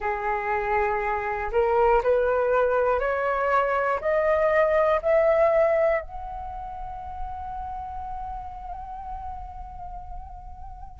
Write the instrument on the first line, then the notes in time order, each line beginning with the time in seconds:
flute
0.00 G#4
1.51 A#4
2.03 B4
3.00 C#5
4.00 D#5
5.01 E5
6.01 F#5